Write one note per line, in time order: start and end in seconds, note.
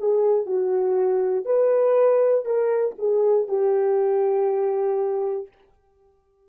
0.00 0.47 G#4
0.47 1.46 F#4
1.46 2.45 B4
2.45 2.95 A#4
2.99 3.49 G#4
3.49 5.49 G4